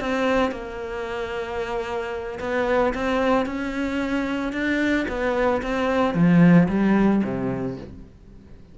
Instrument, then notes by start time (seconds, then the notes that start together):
cello
0.00 C4
0.51 A#3
2.40 B3
2.94 C4
3.45 C#4
4.52 D4
5.08 B3
5.62 C4
6.14 F3
6.68 G3
7.23 C3